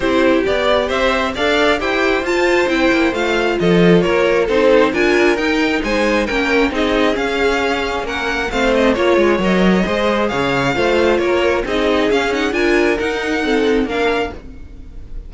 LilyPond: <<
  \new Staff \with { instrumentName = "violin" } { \time 4/4 \tempo 4 = 134 c''4 d''4 e''4 f''4 | g''4 a''4 g''4 f''4 | dis''4 cis''4 c''4 gis''4 | g''4 gis''4 g''4 dis''4 |
f''2 fis''4 f''8 dis''8 | cis''4 dis''2 f''4~ | f''4 cis''4 dis''4 f''8 fis''8 | gis''4 fis''2 f''4 | }
  \new Staff \with { instrumentName = "violin" } { \time 4/4 g'2 c''4 d''4 | c''1 | a'4 ais'4 a'4 ais'4~ | ais'4 c''4 ais'4 gis'4~ |
gis'2 ais'4 c''4 | cis''2 c''4 cis''4 | c''4 ais'4 gis'2 | ais'2 a'4 ais'4 | }
  \new Staff \with { instrumentName = "viola" } { \time 4/4 e'4 g'2 a'4 | g'4 f'4 e'4 f'4~ | f'2 dis'4 f'4 | dis'2 cis'4 dis'4 |
cis'2. c'4 | f'4 ais'4 gis'2 | f'2 dis'4 cis'8 dis'8 | f'4 dis'4 c'4 d'4 | }
  \new Staff \with { instrumentName = "cello" } { \time 4/4 c'4 b4 c'4 d'4 | e'4 f'4 c'8 ais8 a4 | f4 ais4 c'4 d'4 | dis'4 gis4 ais4 c'4 |
cis'2 ais4 a4 | ais8 gis8 fis4 gis4 cis4 | a4 ais4 c'4 cis'4 | d'4 dis'2 ais4 | }
>>